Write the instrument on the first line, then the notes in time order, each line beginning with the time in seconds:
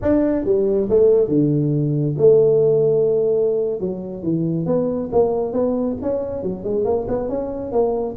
tuba
0.02 D4
0.45 G3
0.89 A3
1.28 D3
2.18 A3
3.80 F#3
4.23 E3
4.66 B3
5.12 A#3
5.52 B3
6.02 C#4
6.42 F#3
6.64 G#3
6.85 A#3
7.08 B3
7.28 C#4
7.72 A#3